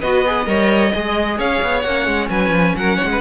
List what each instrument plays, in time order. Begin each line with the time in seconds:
0.00 cello B3, viola F#4, violin B4 D#5
0.26 viola G#4
0.46 cello G3, viola A#4, violin C#5
0.92 cello G#3, viola G#4, violin D#5
1.38 cello C#4, violin C#5 F5
1.63 cello B3
1.81 cello A#3, viola C#4, violin F#5
2.07 cello G#3
2.30 cello F#3, violin B4 G#5
2.50 cello F3
2.76 cello F#3, violin A#4 F#5
2.97 violin C#5
3.04 cello G#3
3.12 violin B4